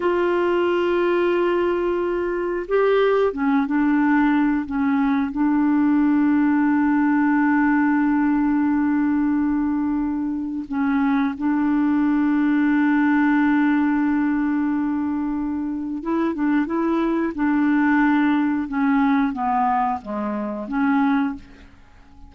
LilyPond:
\new Staff \with { instrumentName = "clarinet" } { \time 4/4 \tempo 4 = 90 f'1 | g'4 cis'8 d'4. cis'4 | d'1~ | d'1 |
cis'4 d'2.~ | d'1 | e'8 d'8 e'4 d'2 | cis'4 b4 gis4 cis'4 | }